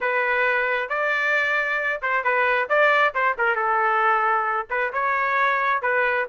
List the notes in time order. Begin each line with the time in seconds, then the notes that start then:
0.01 B4
0.89 D5
2.01 C5
2.23 B4
2.69 D5
3.14 C5
3.37 A#4
3.55 A4
4.70 B4
4.93 C#5
5.82 B4